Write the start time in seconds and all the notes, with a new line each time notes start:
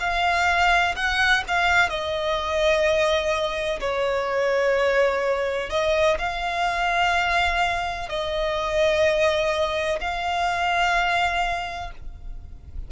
0.00 F5
0.96 F#5
1.48 F5
1.90 D#5
3.81 C#5
5.70 D#5
6.19 F5
8.10 D#5
10.01 F5